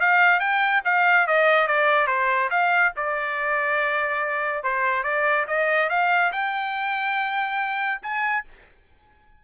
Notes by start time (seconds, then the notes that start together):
0.00 F5
0.40 G5
0.85 F5
1.27 D#5
1.67 D5
2.07 C5
2.50 F5
2.96 D5
4.64 C5
5.04 D5
5.47 D#5
5.89 F5
6.32 G5
8.02 G#5